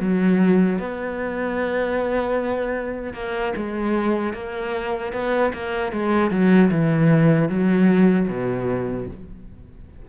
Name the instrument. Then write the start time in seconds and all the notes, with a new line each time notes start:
cello
0.00 F#3
0.79 B3
3.14 A#3
3.56 G#3
4.34 A#3
5.13 B3
5.53 A#3
5.92 G#3
6.31 F#3
6.71 E3
7.49 F#3
8.29 B2